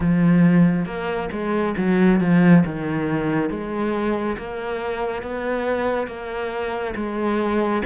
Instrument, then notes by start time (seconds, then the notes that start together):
cello
0.00 F3
0.85 A#3
1.32 G#3
1.77 F#3
2.20 F3
2.65 D#3
3.49 G#3
4.37 A#3
5.22 B3
6.07 A#3
6.95 G#3